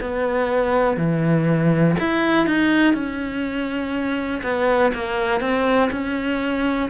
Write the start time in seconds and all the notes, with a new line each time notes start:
0.00 B3
0.97 E3
1.99 E4
2.46 D#4
2.93 C#4
4.43 B3
4.94 A#3
5.40 C4
5.91 C#4